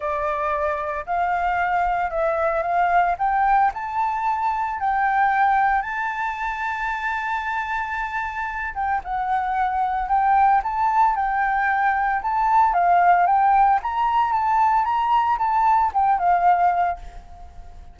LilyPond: \new Staff \with { instrumentName = "flute" } { \time 4/4 \tempo 4 = 113 d''2 f''2 | e''4 f''4 g''4 a''4~ | a''4 g''2 a''4~ | a''1~ |
a''8 g''8 fis''2 g''4 | a''4 g''2 a''4 | f''4 g''4 ais''4 a''4 | ais''4 a''4 g''8 f''4. | }